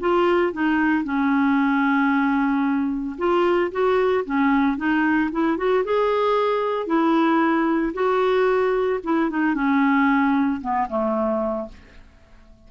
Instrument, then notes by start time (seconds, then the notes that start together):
clarinet
0.00 F4
0.53 D#4
1.04 C#4
3.18 F4
3.71 F#4
4.25 C#4
4.77 D#4
5.32 E4
5.57 F#4
5.84 G#4
6.86 E4
7.93 F#4
9.03 E4
9.30 D#4
9.54 C#4
10.61 B3
10.89 A3